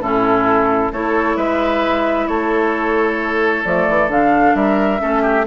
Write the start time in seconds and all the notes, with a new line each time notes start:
0.00 A2 C#4 E4 A4
0.92 A3 E4 A4 C#5
1.37 G#3 B4 E5
2.28 A3 A4 C#5
3.64 F3 A3 D5
3.89 E3
4.08 D3 D4 F5
4.55 G3 A#4 E5
4.99 A3 C#4 A4
5.22 G4